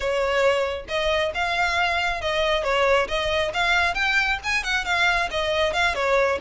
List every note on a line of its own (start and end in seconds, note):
0.00 0.85 C#5
0.88 1.32 D#5
1.34 2.21 F5
2.21 2.63 D#5
2.63 3.07 C#5
3.08 3.52 D#5
3.53 3.94 F5
3.94 4.38 G5
4.43 4.63 G#5
4.63 4.84 F#5
4.84 5.29 F5
5.30 5.73 D#5
5.73 5.94 F5
5.94 6.38 C#5